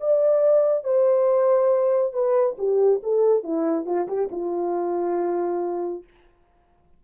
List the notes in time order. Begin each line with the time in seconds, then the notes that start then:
0.00 D5
0.83 C5
2.13 B4
2.58 G4
3.03 A4
3.43 E4
3.86 F4
4.08 G4
4.31 F4